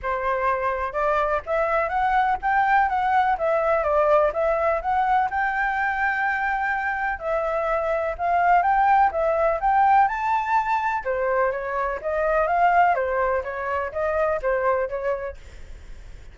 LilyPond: \new Staff \with { instrumentName = "flute" } { \time 4/4 \tempo 4 = 125 c''2 d''4 e''4 | fis''4 g''4 fis''4 e''4 | d''4 e''4 fis''4 g''4~ | g''2. e''4~ |
e''4 f''4 g''4 e''4 | g''4 a''2 c''4 | cis''4 dis''4 f''4 c''4 | cis''4 dis''4 c''4 cis''4 | }